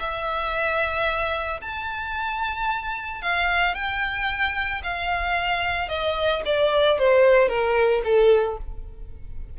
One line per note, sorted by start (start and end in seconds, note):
0.00 1.61 E5
1.62 3.22 A5
3.22 3.75 F5
3.75 4.82 G5
4.84 5.89 F5
5.89 6.43 D#5
6.46 6.99 D5
6.99 7.49 C5
7.49 8.02 A#4
8.05 8.58 A4